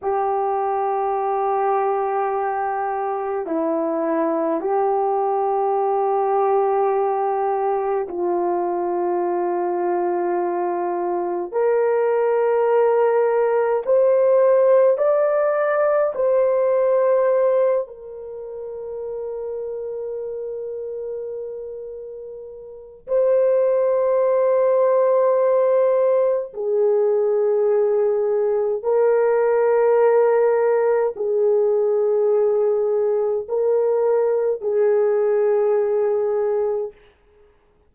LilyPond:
\new Staff \with { instrumentName = "horn" } { \time 4/4 \tempo 4 = 52 g'2. e'4 | g'2. f'4~ | f'2 ais'2 | c''4 d''4 c''4. ais'8~ |
ais'1 | c''2. gis'4~ | gis'4 ais'2 gis'4~ | gis'4 ais'4 gis'2 | }